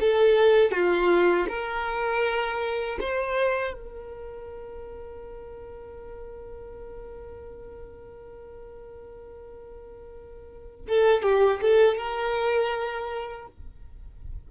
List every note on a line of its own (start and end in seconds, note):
0.00 0.71 A4
0.71 1.46 F4
1.48 2.98 A#4
3.00 3.73 C5
3.73 10.85 A#4
10.88 11.22 A4
11.22 11.60 G4
11.61 11.97 A4
11.97 13.47 A#4